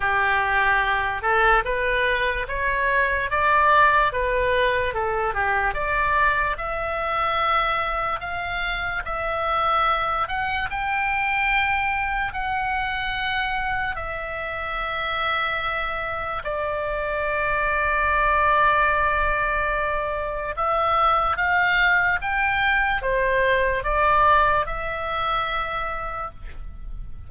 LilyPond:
\new Staff \with { instrumentName = "oboe" } { \time 4/4 \tempo 4 = 73 g'4. a'8 b'4 cis''4 | d''4 b'4 a'8 g'8 d''4 | e''2 f''4 e''4~ | e''8 fis''8 g''2 fis''4~ |
fis''4 e''2. | d''1~ | d''4 e''4 f''4 g''4 | c''4 d''4 e''2 | }